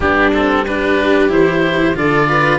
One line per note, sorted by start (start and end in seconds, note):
0.00 1.29 G3
0.00 0.32 B3
0.00 0.66 D4
0.00 0.31 G4
0.32 0.66 C4
0.32 0.65 A4
0.66 1.29 D4
0.66 1.98 G4
0.66 1.31 B4
1.29 1.95 E3
1.29 1.94 E4
1.29 1.97 C5
1.94 2.58 D3
1.94 2.58 F4
1.94 2.28 A4
1.94 2.58 D5
2.28 2.58 B4